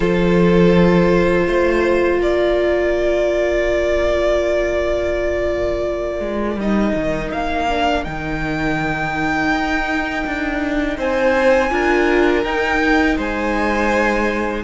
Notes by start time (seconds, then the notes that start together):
0.00 F3 F4 A4 C5
1.46 A3 C5
2.18 A#3 A#4 D5
6.20 G#3
6.56 G3 D#4 D#5
6.95 D#3
7.31 A#3 F5
7.68 D4
8.04 D#3 D#4 G5
9.51 D#4
10.26 D4
10.97 C4 C5 G#5
11.70 D4 F4 A#4
12.44 D#4 G5
13.16 G#3 C5 G#5